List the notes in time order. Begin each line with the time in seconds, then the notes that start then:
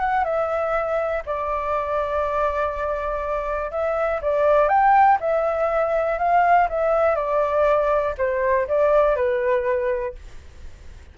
0.00 F#5
0.24 E5
1.26 D5
3.71 E5
4.22 D5
4.69 G5
5.20 E5
6.19 F5
6.69 E5
7.16 D5
8.18 C5
8.68 D5
9.16 B4